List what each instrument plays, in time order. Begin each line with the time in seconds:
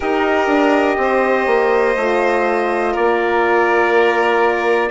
0.00 bassoon D#4, horn G4, violin A#4, trumpet D#5
0.47 bassoon D4
0.97 bassoon C4, violin C5
1.46 bassoon A#3
1.95 bassoon A3, horn F4
2.92 bassoon A#3, violin A#4, trumpet D5